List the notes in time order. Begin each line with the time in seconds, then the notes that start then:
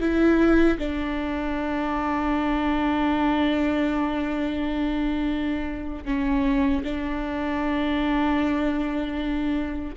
0.00 E4
0.79 D4
6.05 C#4
6.84 D4